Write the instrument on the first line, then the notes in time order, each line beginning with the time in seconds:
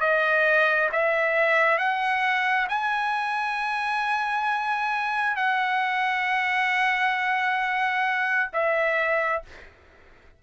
trumpet
0.00 D#5
0.92 E5
1.78 F#5
2.69 G#5
5.36 F#5
8.53 E5